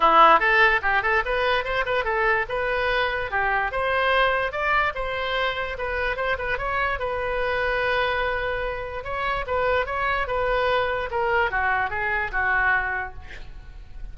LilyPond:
\new Staff \with { instrumentName = "oboe" } { \time 4/4 \tempo 4 = 146 e'4 a'4 g'8 a'8 b'4 | c''8 b'8 a'4 b'2 | g'4 c''2 d''4 | c''2 b'4 c''8 b'8 |
cis''4 b'2.~ | b'2 cis''4 b'4 | cis''4 b'2 ais'4 | fis'4 gis'4 fis'2 | }